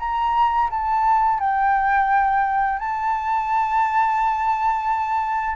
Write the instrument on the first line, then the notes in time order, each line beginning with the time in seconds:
flute
0.00 A#5
0.71 A5
1.40 G5
2.79 A5